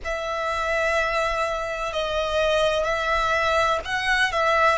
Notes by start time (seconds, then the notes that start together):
0.04 E5
1.92 D#5
2.84 E5
3.84 F#5
4.32 E5